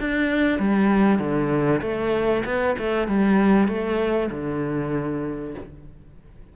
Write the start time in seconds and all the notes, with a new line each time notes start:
0.00 D4
0.59 G3
1.19 D3
1.82 A3
2.45 B3
2.78 A3
3.08 G3
3.68 A3
4.31 D3